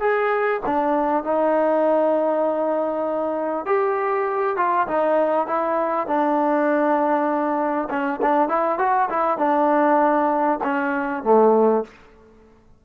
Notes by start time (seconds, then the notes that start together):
0.00 G#4
0.66 D4
1.24 D#4
3.66 G4
4.57 F4
4.87 D#4
5.47 E4
6.07 D4
7.90 C#4
8.22 D4
8.49 E4
8.79 F#4
9.10 E4
9.38 D4
10.63 C#4
11.24 A3